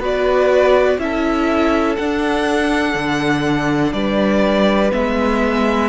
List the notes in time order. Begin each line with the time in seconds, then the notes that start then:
0.00 B3 F#4 B4 D5
0.99 C#4 E4 A4 E5
1.96 D4 F#5
2.95 D3
3.93 G3 B4 D5
4.91 G#3 B3 E5